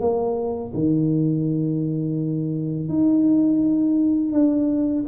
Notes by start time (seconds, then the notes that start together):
0.00 A#3
0.74 D#3
2.88 D#4
4.32 D4